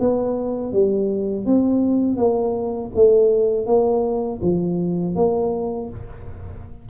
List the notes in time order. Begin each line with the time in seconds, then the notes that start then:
0.00 B3
0.73 G3
1.46 C4
2.18 A#3
2.96 A3
3.67 A#3
4.42 F3
5.16 A#3